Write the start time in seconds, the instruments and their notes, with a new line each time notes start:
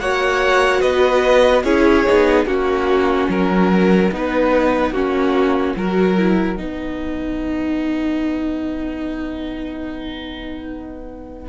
0.00 cello A#3, viola F#4, violin C#5 F#5
0.81 cello B3, violin B4 D#5
1.64 cello C#4, viola E4, violin G#4 C#5
2.07 cello B3, viola D#4
2.45 cello A#3, viola C#4, violin F#4 F#5
3.29 cello F#3, violin A#4
4.12 cello B3, viola D#4, violin B4
4.91 cello A#3, viola C#4, violin F#4
5.77 cello F#3, viola F#4, violin A#4
6.18 viola E4
6.57 cello B3, viola D#4, violin B4